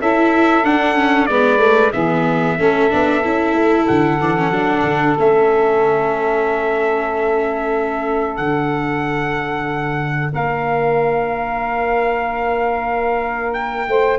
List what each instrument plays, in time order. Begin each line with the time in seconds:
0.00 tuba C#4, viola E4, saxophone A4, trumpet E5
0.64 viola D4, tuba D4, trumpet F#5
0.95 viola C#4
1.26 tuba G#3, viola B3, saxophone B4, trumpet D5
1.59 viola A3
1.92 tuba E3, viola B3, saxophone G#4, trumpet E5
2.57 tuba A3, viola C#4, saxophone A4
2.90 tuba B3, viola D4
3.24 tuba C#4, viola E4
3.53 tuba A3
3.87 tuba D3, trumpet F#5
4.20 tuba E3, viola D4
4.37 viola C#4
4.51 tuba F#3, viola D4
4.83 tuba D3
5.18 tuba A3, viola C#4, trumpet E5
8.37 tuba D3, viola D4, trumpet F#5
10.32 tuba A#3, saxophone A#4, trumpet F5
13.53 trumpet G5
13.88 tuba A3, saxophone C5